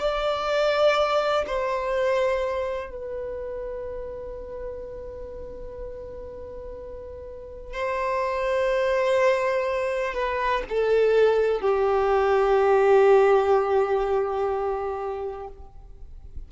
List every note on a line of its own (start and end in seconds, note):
0.00 1.45 D5
1.47 2.90 C5
2.90 7.73 B4
7.73 10.14 C5
10.14 10.62 B4
10.69 11.61 A4
11.61 15.48 G4